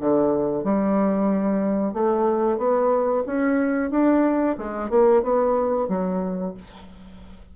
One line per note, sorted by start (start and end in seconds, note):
0.00 0.64 D3
0.64 1.93 G3
1.93 2.58 A3
2.58 3.24 B3
3.26 3.91 C#4
3.91 4.56 D4
4.57 4.90 G#3
4.90 5.22 A#3
5.22 5.88 B3
5.88 6.54 F#3